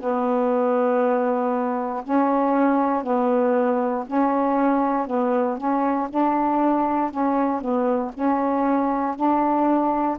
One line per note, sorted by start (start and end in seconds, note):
0.00 2.03 B3
2.04 3.03 C#4
3.03 4.05 B3
4.07 5.07 C#4
5.07 5.57 B3
5.57 6.08 C#4
6.10 7.11 D4
7.11 7.61 C#4
7.61 8.12 B3
8.14 9.16 C#4
9.16 10.17 D4